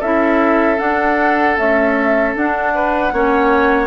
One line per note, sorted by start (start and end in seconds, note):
0.00 0.79 C#4
0.00 0.77 E4
0.00 2.73 A4
0.00 0.79 E5
0.77 1.55 D4
0.77 1.57 D4
0.77 1.57 F#5
1.57 2.35 A3
1.57 2.35 C#4
1.57 2.35 E5
2.36 3.13 D4
2.36 3.87 F#5
2.75 3.14 B4
3.13 3.87 A#3
3.13 3.87 C#4
3.13 3.87 C#5